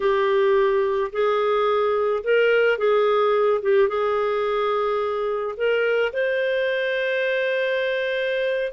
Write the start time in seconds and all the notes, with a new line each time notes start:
0.00 G4
1.12 G#4
2.23 A#4
2.78 G#4
3.62 G4
3.88 G#4
5.57 A#4
6.12 C5